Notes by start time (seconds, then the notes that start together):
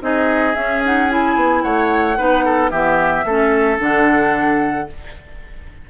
0.00 C4 D#4 G#4 D#5
0.55 C#4 E5
0.84 D#4 F#5
1.09 E4 G#5
1.35 B3
1.62 A3 C#5 F#5
2.17 B3 D#4 B4
2.44 A4
2.70 E3 B3 G4 E5
3.24 A3 C#4 A4
3.78 D3 D4 F#5